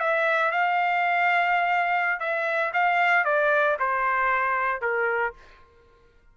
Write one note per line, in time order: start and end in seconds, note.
0.00 0.52 E5
0.52 2.20 F5
2.20 2.72 E5
2.73 3.25 F5
3.25 3.77 D5
3.79 4.81 C5
4.81 5.34 A#4